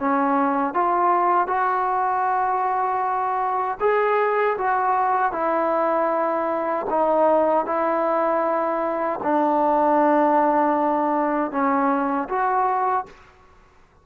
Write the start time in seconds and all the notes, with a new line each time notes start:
0.00 C#4
0.74 F4
1.48 F#4
3.80 G#4
4.58 F#4
5.33 E4
6.90 D#4
7.66 E4
9.23 D4
11.52 C#4
12.29 F#4